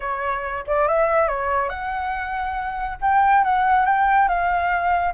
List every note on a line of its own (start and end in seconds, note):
0.00 0.64 C#5
0.66 0.87 D5
0.87 1.28 E5
1.28 1.69 C#5
1.69 2.97 F#5
3.01 3.44 G5
3.44 3.85 F#5
3.85 4.28 G5
4.28 5.14 F5